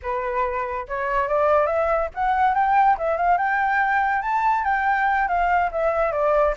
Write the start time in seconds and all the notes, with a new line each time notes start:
0.02 B4
0.87 C#5
1.28 D5
1.66 E5
2.14 F#5
2.54 G5
2.98 E5
3.17 F5
3.37 G5
4.22 A5
4.64 G5
5.28 F5
5.71 E5
6.12 D5